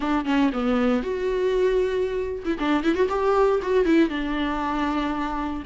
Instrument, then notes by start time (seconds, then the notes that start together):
viola
0.00 D4
0.25 C#4
0.52 B3
1.02 F#4
2.44 E4
2.59 D4
2.83 E4
2.94 F#4
3.09 G4
3.62 F#4
3.85 E4
4.09 D4